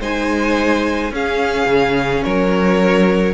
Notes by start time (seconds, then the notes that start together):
0.00 G#3 D#4 C5 G#5
1.11 C#4 G#4 F5
1.66 C#3
2.23 F#3 A#4 C#5